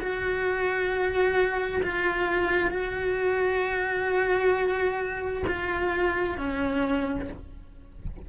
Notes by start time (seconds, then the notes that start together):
0.00 F#4
1.83 F4
2.71 F#4
5.48 F4
6.38 C#4